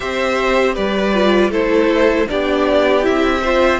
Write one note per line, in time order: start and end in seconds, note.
0.00 0.77 C4
0.00 1.14 G4
0.00 0.74 C5
0.00 0.75 E5
0.74 1.49 G3
0.74 1.50 B4
0.74 1.51 D5
1.14 1.52 F4
1.49 2.25 A3
1.49 2.28 E4
1.49 2.26 A4
1.49 2.28 C5
2.28 3.07 B3
2.28 3.02 D4
2.28 3.41 G4
2.28 3.05 D5
3.02 3.80 C4
3.02 3.40 E4
3.02 3.80 E5
3.41 3.80 F4
3.41 3.79 C5